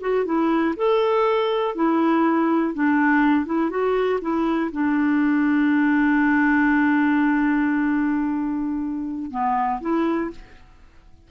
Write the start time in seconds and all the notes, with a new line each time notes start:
0.00 F#4
0.25 E4
0.76 A4
1.75 E4
2.74 D4
3.46 E4
3.70 F#4
4.21 E4
4.72 D4
9.30 B3
9.81 E4